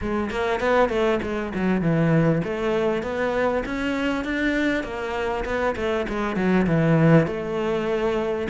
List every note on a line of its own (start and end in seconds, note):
0.01 0.30 G#3
0.30 0.60 A#3
0.60 0.89 B3
0.89 1.19 A3
1.22 1.52 G#3
1.55 1.81 F#3
1.81 2.42 E3
2.44 3.02 A3
3.02 3.63 B3
3.65 4.24 C#4
4.24 4.83 D4
4.83 5.44 A#3
5.45 5.75 B3
5.76 6.06 A3
6.09 6.36 G#3
6.36 6.66 F#3
6.67 7.26 E3
7.26 8.48 A3